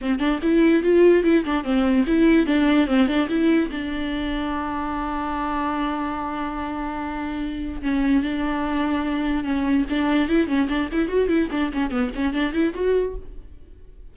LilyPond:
\new Staff \with { instrumentName = "viola" } { \time 4/4 \tempo 4 = 146 c'8 d'8 e'4 f'4 e'8 d'8 | c'4 e'4 d'4 c'8 d'8 | e'4 d'2.~ | d'1~ |
d'2. cis'4 | d'2. cis'4 | d'4 e'8 cis'8 d'8 e'8 fis'8 e'8 | d'8 cis'8 b8 cis'8 d'8 e'8 fis'4 | }